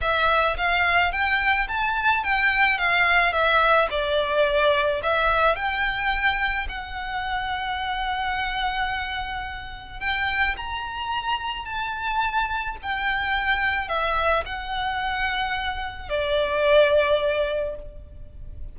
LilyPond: \new Staff \with { instrumentName = "violin" } { \time 4/4 \tempo 4 = 108 e''4 f''4 g''4 a''4 | g''4 f''4 e''4 d''4~ | d''4 e''4 g''2 | fis''1~ |
fis''2 g''4 ais''4~ | ais''4 a''2 g''4~ | g''4 e''4 fis''2~ | fis''4 d''2. | }